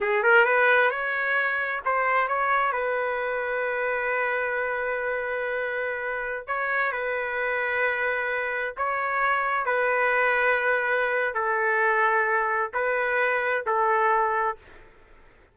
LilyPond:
\new Staff \with { instrumentName = "trumpet" } { \time 4/4 \tempo 4 = 132 gis'8 ais'8 b'4 cis''2 | c''4 cis''4 b'2~ | b'1~ | b'2~ b'16 cis''4 b'8.~ |
b'2.~ b'16 cis''8.~ | cis''4~ cis''16 b'2~ b'8.~ | b'4 a'2. | b'2 a'2 | }